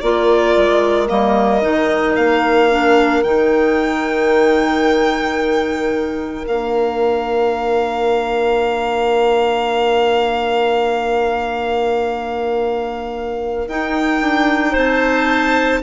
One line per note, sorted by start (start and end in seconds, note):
0.00 0.55 A#3
0.00 1.07 F4
0.00 14.72 A#4
0.00 1.07 D5
0.56 1.10 G#3
1.07 1.63 G3
1.07 1.61 A#3
1.07 2.16 D#5
1.61 2.16 D#3
1.61 2.69 D#4
2.16 3.23 A#3
2.16 3.23 F5
2.70 3.23 D4
3.23 6.45 D#3
3.23 6.46 D#4
3.23 6.44 G5
6.46 13.67 A#3
6.46 13.69 D4
6.46 13.68 F5
13.67 14.21 D#4
13.67 15.82 D#4
13.67 14.75 G5
14.21 14.74 D4
14.72 15.82 C4
14.72 15.79 C5
14.78 15.82 A5